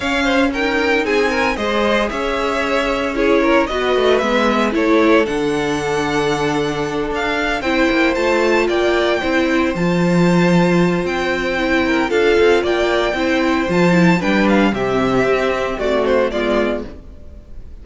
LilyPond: <<
  \new Staff \with { instrumentName = "violin" } { \time 4/4 \tempo 4 = 114 f''4 g''4 gis''4 dis''4 | e''2 cis''4 dis''4 | e''4 cis''4 fis''2~ | fis''4. f''4 g''4 a''8~ |
a''8 g''2 a''4.~ | a''4 g''2 f''4 | g''2 a''4 g''8 f''8 | e''2 d''8 c''8 d''4 | }
  \new Staff \with { instrumentName = "violin" } { \time 4/4 cis''8 c''8 ais'4 gis'8 ais'8 c''4 | cis''2 gis'8 ais'8 b'4~ | b'4 a'2.~ | a'2~ a'8 c''4.~ |
c''8 d''4 c''2~ c''8~ | c''2~ c''8 ais'8 a'4 | d''4 c''2 b'4 | g'2 fis'4 f'4 | }
  \new Staff \with { instrumentName = "viola" } { \time 4/4 cis'4 dis'2 gis'4~ | gis'2 e'4 fis'4 | b4 e'4 d'2~ | d'2~ d'8 e'4 f'8~ |
f'4. e'4 f'4.~ | f'2 e'4 f'4~ | f'4 e'4 f'8 e'8 d'4 | c'2. b4 | }
  \new Staff \with { instrumentName = "cello" } { \time 4/4 cis'2 c'4 gis4 | cis'2. b8 a8 | gis4 a4 d2~ | d4. d'4 c'8 ais8 a8~ |
a8 ais4 c'4 f4.~ | f4 c'2 d'8 c'8 | ais4 c'4 f4 g4 | c4 c'4 a4 gis4 | }
>>